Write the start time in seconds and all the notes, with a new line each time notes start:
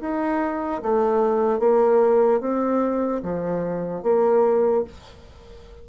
0.00 D#4
0.82 A3
1.59 A#3
2.40 C4
3.22 F3
4.02 A#3